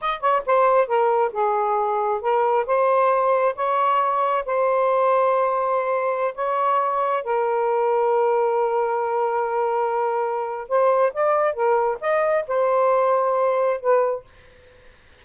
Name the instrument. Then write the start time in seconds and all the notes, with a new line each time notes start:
saxophone
0.01 D#5
0.20 C#5
0.45 C5
0.87 A#4
1.32 G#4
2.21 A#4
2.66 C5
3.55 C#5
4.45 C5
6.34 C#5
7.23 A#4
10.68 C5
11.13 D5
11.53 A#4
12.00 D#5
12.47 C5
13.80 B4